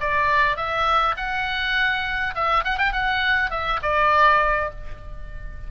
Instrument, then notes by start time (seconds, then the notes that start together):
oboe
0.00 D5
0.56 E5
1.17 F#5
2.34 E5
2.64 F#5
2.78 G5
2.92 F#5
3.50 E5
3.82 D5